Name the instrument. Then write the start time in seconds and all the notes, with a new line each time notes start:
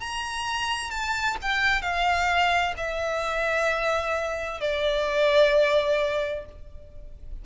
violin
0.00 A#5
0.90 A5
1.41 G5
1.81 F5
2.77 E5
4.60 D5